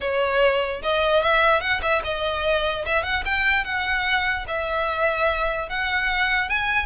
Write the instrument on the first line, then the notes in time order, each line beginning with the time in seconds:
violin
0.01 C#5
0.82 D#5
1.22 E5
1.60 F#5
1.82 E5
2.04 D#5
2.85 E5
3.03 F#5
3.25 G5
3.64 F#5
4.47 E5
5.69 F#5
6.49 G#5